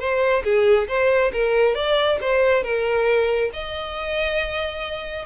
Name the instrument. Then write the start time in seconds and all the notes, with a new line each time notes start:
violin
0.00 C5
0.44 G#4
0.88 C5
1.33 A#4
1.75 D5
2.22 C5
2.64 A#4
3.54 D#5